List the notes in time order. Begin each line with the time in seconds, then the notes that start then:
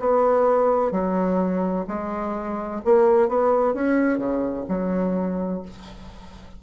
0.00 B3
0.92 F#3
1.88 G#3
2.85 A#3
3.29 B3
3.75 C#4
4.18 C#3
4.69 F#3